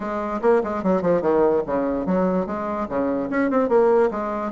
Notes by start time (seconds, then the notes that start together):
0.00 G#3
0.41 A#3
0.63 G#3
0.83 F#3
1.02 F3
1.21 D#3
1.66 C#3
2.05 F#3
2.46 G#3
2.88 C#3
3.30 C#4
3.50 C4
3.68 A#3
4.11 G#3